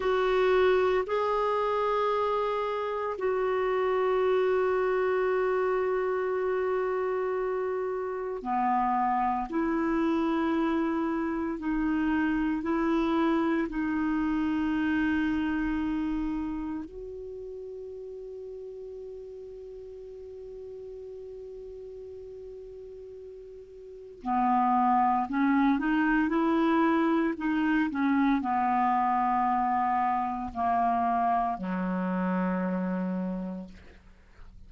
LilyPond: \new Staff \with { instrumentName = "clarinet" } { \time 4/4 \tempo 4 = 57 fis'4 gis'2 fis'4~ | fis'1 | b4 e'2 dis'4 | e'4 dis'2. |
fis'1~ | fis'2. b4 | cis'8 dis'8 e'4 dis'8 cis'8 b4~ | b4 ais4 fis2 | }